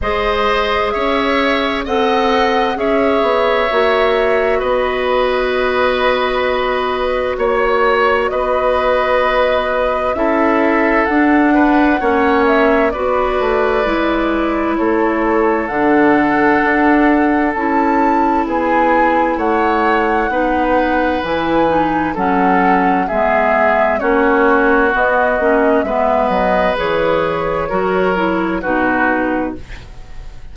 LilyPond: <<
  \new Staff \with { instrumentName = "flute" } { \time 4/4 \tempo 4 = 65 dis''4 e''4 fis''4 e''4~ | e''4 dis''2. | cis''4 dis''2 e''4 | fis''4. e''8 d''2 |
cis''4 fis''2 a''4 | gis''4 fis''2 gis''4 | fis''4 e''4 cis''4 dis''4 | e''8 dis''8 cis''2 b'4 | }
  \new Staff \with { instrumentName = "oboe" } { \time 4/4 c''4 cis''4 dis''4 cis''4~ | cis''4 b'2. | cis''4 b'2 a'4~ | a'8 b'8 cis''4 b'2 |
a'1 | gis'4 cis''4 b'2 | a'4 gis'4 fis'2 | b'2 ais'4 fis'4 | }
  \new Staff \with { instrumentName = "clarinet" } { \time 4/4 gis'2 a'4 gis'4 | fis'1~ | fis'2. e'4 | d'4 cis'4 fis'4 e'4~ |
e'4 d'2 e'4~ | e'2 dis'4 e'8 dis'8 | cis'4 b4 cis'4 b8 cis'8 | b4 gis'4 fis'8 e'8 dis'4 | }
  \new Staff \with { instrumentName = "bassoon" } { \time 4/4 gis4 cis'4 c'4 cis'8 b8 | ais4 b2. | ais4 b2 cis'4 | d'4 ais4 b8 a8 gis4 |
a4 d4 d'4 cis'4 | b4 a4 b4 e4 | fis4 gis4 ais4 b8 ais8 | gis8 fis8 e4 fis4 b,4 | }
>>